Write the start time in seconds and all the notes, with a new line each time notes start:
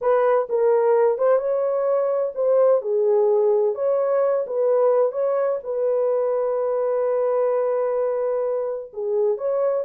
0.01 B4
0.49 A#4
1.18 C5
1.38 C#5
2.35 C5
2.81 G#4
3.74 C#5
4.47 B4
5.12 C#5
5.63 B4
8.93 G#4
9.37 C#5